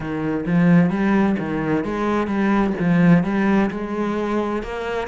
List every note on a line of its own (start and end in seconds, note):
0.00 0.44 D#3
0.46 0.90 F3
0.90 1.36 G3
1.38 1.84 D#3
1.84 2.27 G#3
2.27 2.73 G3
2.79 3.23 F3
3.23 3.69 G3
3.70 4.62 G#3
4.62 5.07 A#3